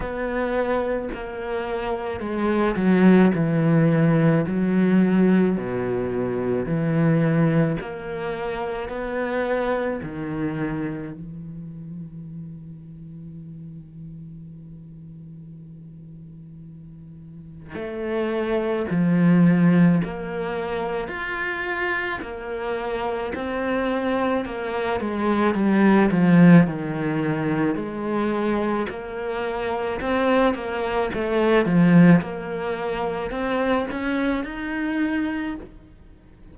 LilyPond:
\new Staff \with { instrumentName = "cello" } { \time 4/4 \tempo 4 = 54 b4 ais4 gis8 fis8 e4 | fis4 b,4 e4 ais4 | b4 dis4 e2~ | e1 |
a4 f4 ais4 f'4 | ais4 c'4 ais8 gis8 g8 f8 | dis4 gis4 ais4 c'8 ais8 | a8 f8 ais4 c'8 cis'8 dis'4 | }